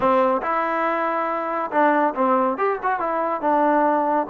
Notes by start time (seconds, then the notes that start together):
0.00 C4
0.42 E4
1.71 D4
2.14 C4
2.57 G4
2.82 F#4
2.99 E4
3.41 D4